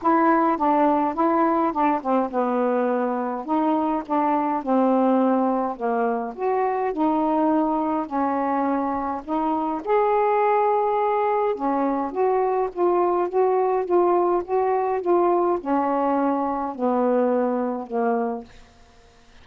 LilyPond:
\new Staff \with { instrumentName = "saxophone" } { \time 4/4 \tempo 4 = 104 e'4 d'4 e'4 d'8 c'8 | b2 dis'4 d'4 | c'2 ais4 fis'4 | dis'2 cis'2 |
dis'4 gis'2. | cis'4 fis'4 f'4 fis'4 | f'4 fis'4 f'4 cis'4~ | cis'4 b2 ais4 | }